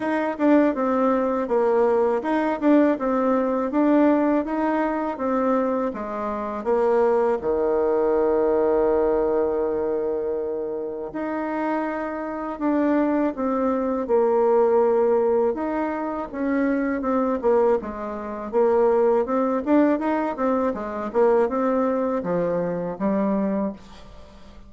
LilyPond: \new Staff \with { instrumentName = "bassoon" } { \time 4/4 \tempo 4 = 81 dis'8 d'8 c'4 ais4 dis'8 d'8 | c'4 d'4 dis'4 c'4 | gis4 ais4 dis2~ | dis2. dis'4~ |
dis'4 d'4 c'4 ais4~ | ais4 dis'4 cis'4 c'8 ais8 | gis4 ais4 c'8 d'8 dis'8 c'8 | gis8 ais8 c'4 f4 g4 | }